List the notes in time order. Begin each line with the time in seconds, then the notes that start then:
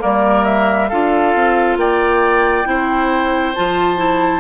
0.00 G3 A#3 A#4 D5
0.44 E5
0.89 D4 F4 A4 F5
1.35 C4
1.76 A#3 D5 G5
2.65 C4 E4 C5
3.55 F3 F4 A5
3.98 E4